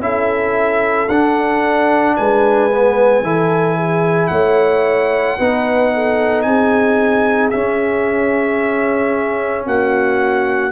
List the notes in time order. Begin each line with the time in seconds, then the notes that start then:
0.00 C#4 E4 A4 E5
1.09 D4 F#5
2.17 G#3 B4 G#5
2.72 B3
3.23 E3 E4 A4
3.77 G#4
4.27 A3 C#5 F#5
5.38 B3 D#4 B4
5.94 A4
6.42 C4 G#4 G#5
7.51 C#4 E5
9.67 A#3 F#4 F#5